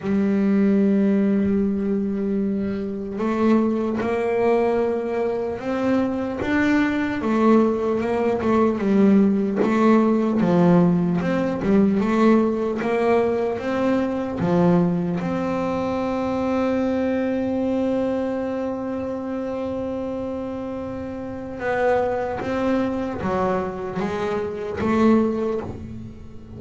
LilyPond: \new Staff \with { instrumentName = "double bass" } { \time 4/4 \tempo 4 = 75 g1 | a4 ais2 c'4 | d'4 a4 ais8 a8 g4 | a4 f4 c'8 g8 a4 |
ais4 c'4 f4 c'4~ | c'1~ | c'2. b4 | c'4 fis4 gis4 a4 | }